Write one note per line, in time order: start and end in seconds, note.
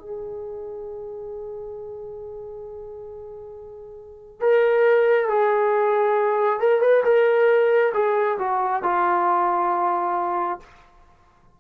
0.00 4.41 G#4
4.41 5.29 A#4
5.29 6.60 G#4
6.60 6.82 A#4
6.82 7.04 B4
7.05 7.93 A#4
7.94 8.38 G#4
8.39 8.83 F#4
8.84 10.60 F4